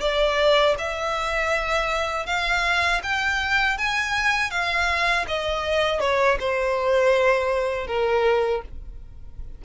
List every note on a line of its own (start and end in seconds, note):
0.00 0.75 D5
0.78 2.26 E5
2.26 3.01 F5
3.03 3.78 G5
3.78 4.50 G#5
4.50 5.25 F5
5.28 6.00 D#5
6.00 6.38 C#5
6.40 7.87 C5
7.87 8.62 A#4